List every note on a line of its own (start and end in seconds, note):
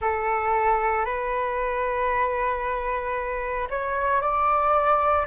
0.01 1.05 A4
1.05 3.68 B4
3.69 4.21 C#5
4.21 5.26 D5